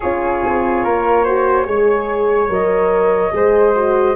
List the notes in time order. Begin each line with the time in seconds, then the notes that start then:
0.00 C#4 F4 G#4 C#5
0.44 C4
0.84 A#3 A#4
1.23 F#4 C5
1.65 G#3 G#4 C#5
2.48 F#3 A#4 D#5
3.31 G#3 G#4 C5
3.75 F#4